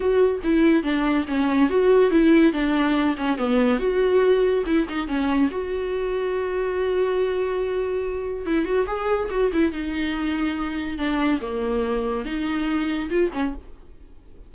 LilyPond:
\new Staff \with { instrumentName = "viola" } { \time 4/4 \tempo 4 = 142 fis'4 e'4 d'4 cis'4 | fis'4 e'4 d'4. cis'8 | b4 fis'2 e'8 dis'8 | cis'4 fis'2.~ |
fis'1 | e'8 fis'8 gis'4 fis'8 e'8 dis'4~ | dis'2 d'4 ais4~ | ais4 dis'2 f'8 cis'8 | }